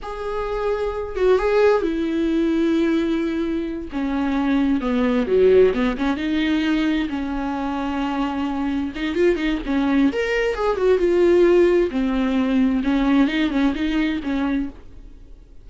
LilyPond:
\new Staff \with { instrumentName = "viola" } { \time 4/4 \tempo 4 = 131 gis'2~ gis'8 fis'8 gis'4 | e'1~ | e'8 cis'2 b4 fis8~ | fis8 b8 cis'8 dis'2 cis'8~ |
cis'2.~ cis'8 dis'8 | f'8 dis'8 cis'4 ais'4 gis'8 fis'8 | f'2 c'2 | cis'4 dis'8 cis'8 dis'4 cis'4 | }